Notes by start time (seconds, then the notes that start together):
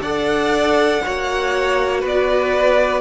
0.00 D4 A4 D5 F#5
1.03 A#3 F#4 C#5
2.00 B3 B4
2.06 D5